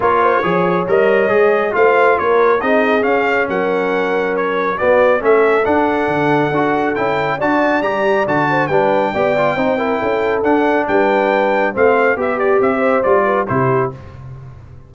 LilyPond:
<<
  \new Staff \with { instrumentName = "trumpet" } { \time 4/4 \tempo 4 = 138 cis''2 dis''2 | f''4 cis''4 dis''4 f''4 | fis''2 cis''4 d''4 | e''4 fis''2. |
g''4 a''4 ais''4 a''4 | g''1 | fis''4 g''2 f''4 | e''8 d''8 e''4 d''4 c''4 | }
  \new Staff \with { instrumentName = "horn" } { \time 4/4 ais'8 c''8 cis''2. | c''4 ais'4 gis'2 | ais'2. fis'4 | a'1~ |
a'4 d''2~ d''8 c''8 | b'4 d''4 c''8 ais'8 a'4~ | a'4 b'2 c''4 | g'4. c''4 b'8 g'4 | }
  \new Staff \with { instrumentName = "trombone" } { \time 4/4 f'4 gis'4 ais'4 gis'4 | f'2 dis'4 cis'4~ | cis'2. b4 | cis'4 d'2 fis'4 |
e'4 fis'4 g'4 fis'4 | d'4 g'8 f'8 dis'8 e'4. | d'2. c'4 | g'2 f'4 e'4 | }
  \new Staff \with { instrumentName = "tuba" } { \time 4/4 ais4 f4 g4 gis4 | a4 ais4 c'4 cis'4 | fis2. b4 | a4 d'4 d4 d'4 |
cis'4 d'4 g4 d4 | g4 b4 c'4 cis'4 | d'4 g2 a4 | b4 c'4 g4 c4 | }
>>